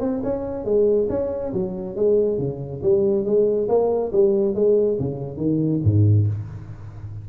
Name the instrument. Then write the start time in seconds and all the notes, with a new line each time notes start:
tuba
0.00 C4
0.24 C#4
0.64 G#3
1.09 C#4
1.53 F#3
1.96 G#3
2.38 C#3
2.83 G3
3.25 G#3
3.68 A#3
4.12 G3
4.55 G#3
4.99 C#3
5.37 D#3
5.84 G#2